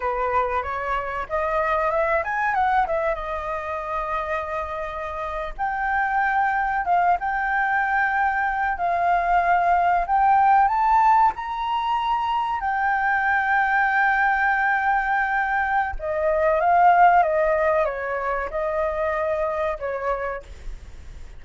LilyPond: \new Staff \with { instrumentName = "flute" } { \time 4/4 \tempo 4 = 94 b'4 cis''4 dis''4 e''8 gis''8 | fis''8 e''8 dis''2.~ | dis''8. g''2 f''8 g''8.~ | g''4.~ g''16 f''2 g''16~ |
g''8. a''4 ais''2 g''16~ | g''1~ | g''4 dis''4 f''4 dis''4 | cis''4 dis''2 cis''4 | }